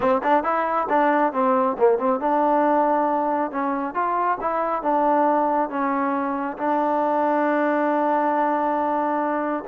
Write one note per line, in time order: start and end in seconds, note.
0.00 0.21 C4
0.23 0.43 D4
0.43 0.87 E4
0.89 1.33 D4
1.33 1.76 C4
1.78 1.98 A#3
1.98 2.20 C4
2.20 3.51 D4
3.51 3.94 C#4
3.94 4.38 F4
4.40 4.82 E4
4.82 5.69 D4
5.69 6.57 C#4
6.57 9.63 D4